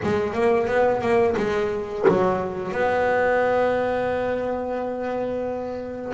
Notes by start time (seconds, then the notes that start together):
0.03 G#3
0.33 A#3
0.67 B3
1.01 A#3
1.36 G#3
2.08 F#3
2.71 B3